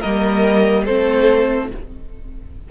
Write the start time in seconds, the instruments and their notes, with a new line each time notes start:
0.00 cello G3, viola A#3, violin A#4 D#5
0.85 cello A3, viola C4, violin A4 C5